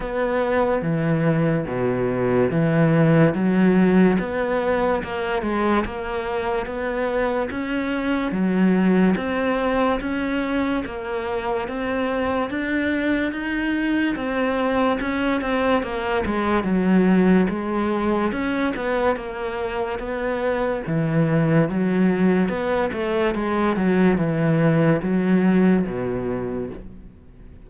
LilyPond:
\new Staff \with { instrumentName = "cello" } { \time 4/4 \tempo 4 = 72 b4 e4 b,4 e4 | fis4 b4 ais8 gis8 ais4 | b4 cis'4 fis4 c'4 | cis'4 ais4 c'4 d'4 |
dis'4 c'4 cis'8 c'8 ais8 gis8 | fis4 gis4 cis'8 b8 ais4 | b4 e4 fis4 b8 a8 | gis8 fis8 e4 fis4 b,4 | }